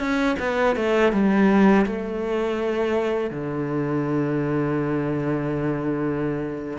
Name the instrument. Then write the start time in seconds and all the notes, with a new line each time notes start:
cello
0.00 C#4
0.40 B3
0.76 A3
1.13 G3
1.86 A3
3.31 D3